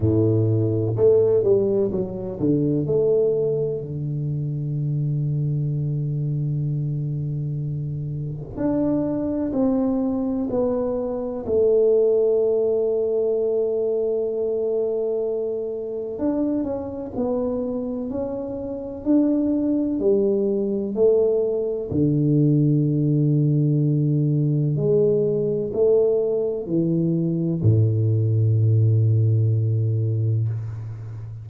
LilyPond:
\new Staff \with { instrumentName = "tuba" } { \time 4/4 \tempo 4 = 63 a,4 a8 g8 fis8 d8 a4 | d1~ | d4 d'4 c'4 b4 | a1~ |
a4 d'8 cis'8 b4 cis'4 | d'4 g4 a4 d4~ | d2 gis4 a4 | e4 a,2. | }